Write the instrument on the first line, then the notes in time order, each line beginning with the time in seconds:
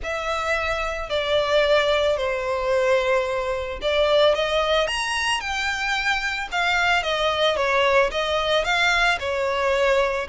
violin
0.03 E5
1.09 D5
2.17 C5
3.81 D5
4.34 D#5
4.87 A#5
5.40 G5
6.51 F5
7.03 D#5
7.56 C#5
8.11 D#5
8.64 F5
9.19 C#5